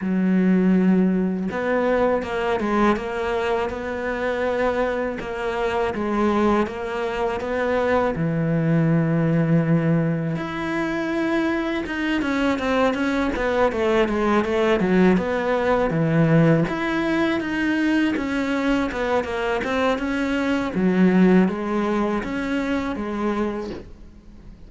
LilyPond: \new Staff \with { instrumentName = "cello" } { \time 4/4 \tempo 4 = 81 fis2 b4 ais8 gis8 | ais4 b2 ais4 | gis4 ais4 b4 e4~ | e2 e'2 |
dis'8 cis'8 c'8 cis'8 b8 a8 gis8 a8 | fis8 b4 e4 e'4 dis'8~ | dis'8 cis'4 b8 ais8 c'8 cis'4 | fis4 gis4 cis'4 gis4 | }